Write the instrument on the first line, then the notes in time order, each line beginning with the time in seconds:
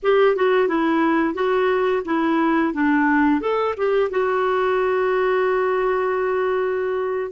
clarinet
0.02 G4
0.36 F#4
0.68 E4
1.34 F#4
2.05 E4
2.73 D4
3.40 A4
3.77 G4
4.10 F#4